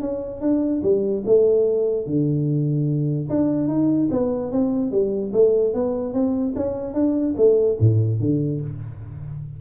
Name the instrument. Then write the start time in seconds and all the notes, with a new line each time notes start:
tuba
0.00 C#4
0.41 D4
0.82 G3
1.25 A3
2.06 D3
3.29 D4
3.68 D#4
4.11 B3
4.51 C4
4.91 G3
5.32 A3
5.73 B3
6.13 C4
6.55 C#4
6.94 D4
7.37 A3
7.80 A2
8.19 D3